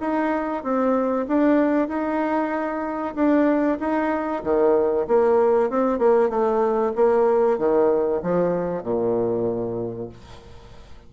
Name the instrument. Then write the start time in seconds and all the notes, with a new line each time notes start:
bassoon
0.00 D#4
0.63 C4
1.27 D4
1.88 D#4
3.15 D4
3.80 D#4
4.43 D#3
5.07 A#3
5.70 C4
5.99 A#3
6.29 A3
6.95 A#3
7.58 D#3
8.22 F3
8.82 A#2